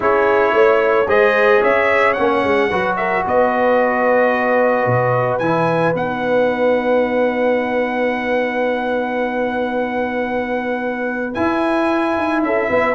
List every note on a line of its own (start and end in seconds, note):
0.00 0.52 C#4
0.00 1.06 E4
0.00 0.54 G#4
0.00 1.08 C#5
0.52 1.06 A3
0.52 1.07 C#5
1.07 1.61 G#3
1.07 2.16 G#4
1.07 1.60 C5
1.07 1.62 D#5
1.60 2.17 C#4
1.60 2.68 C#5
1.60 2.13 E5
2.13 2.43 A#3
2.13 2.71 C#4
2.13 2.94 F#5
2.43 2.70 G#3
2.69 3.24 F#3
2.69 5.41 F#4
2.69 2.97 B4
2.96 3.25 A#4
2.96 3.23 E5
3.25 4.85 B3
3.25 12.44 B4
3.25 5.38 D#5
4.85 5.39 B2
5.38 5.93 E3
5.38 5.95 E4
5.38 5.92 G#5
5.94 11.35 B3
5.94 11.34 D#4
5.94 11.34 F#5
11.34 12.95 E4
11.34 12.16 E4
11.34 12.42 G#5
12.16 12.42 D#4
12.42 12.69 C#4
12.42 12.69 A4
12.42 12.95 E5
12.69 12.95 B3
12.69 12.95 B4